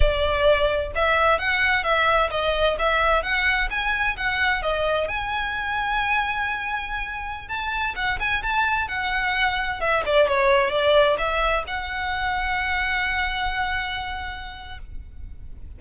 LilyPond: \new Staff \with { instrumentName = "violin" } { \time 4/4 \tempo 4 = 130 d''2 e''4 fis''4 | e''4 dis''4 e''4 fis''4 | gis''4 fis''4 dis''4 gis''4~ | gis''1~ |
gis''16 a''4 fis''8 gis''8 a''4 fis''8.~ | fis''4~ fis''16 e''8 d''8 cis''4 d''8.~ | d''16 e''4 fis''2~ fis''8.~ | fis''1 | }